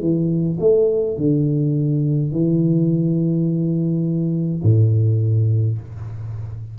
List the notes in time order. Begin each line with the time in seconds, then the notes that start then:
0.00 E3
0.59 A3
1.16 D3
2.31 E3
4.63 A2